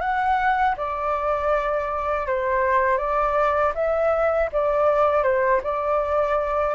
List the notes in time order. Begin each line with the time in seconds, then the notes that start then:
0.00 F#5
0.77 D5
2.26 C5
2.97 D5
3.74 E5
4.52 D5
5.23 C5
5.63 D5